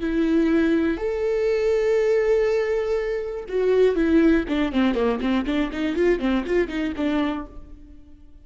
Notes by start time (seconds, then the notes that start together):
0.00 E4
0.97 A4
3.48 F#4
3.95 E4
4.48 D4
4.72 C4
4.95 A#3
5.21 C4
5.46 D4
5.72 D#4
5.96 F4
6.19 C4
6.46 F4
6.68 D#4
6.96 D4